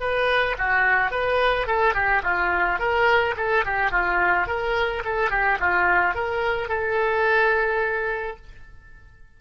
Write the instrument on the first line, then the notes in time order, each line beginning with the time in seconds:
oboe
0.00 B4
0.58 F#4
1.11 B4
1.67 A4
1.94 G4
2.23 F4
2.79 A#4
3.36 A4
3.65 G4
3.91 F4
4.47 A#4
5.04 A4
5.30 G4
5.59 F4
6.15 A#4
6.68 A4